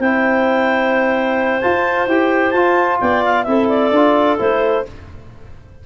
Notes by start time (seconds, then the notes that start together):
0.00 C4 E4 C5 G5
1.61 F4 A5
2.07 E4 G4 G5
2.51 F4 A5
3.01 B3 D5 G5
3.25 F5
3.44 C4 E4 A4 E5
3.69 D5
3.92 D4 F4
4.39 A3 E4 C5